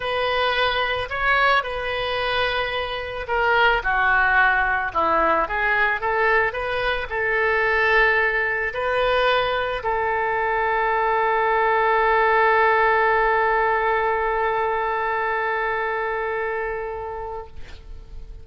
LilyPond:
\new Staff \with { instrumentName = "oboe" } { \time 4/4 \tempo 4 = 110 b'2 cis''4 b'4~ | b'2 ais'4 fis'4~ | fis'4 e'4 gis'4 a'4 | b'4 a'2. |
b'2 a'2~ | a'1~ | a'1~ | a'1 | }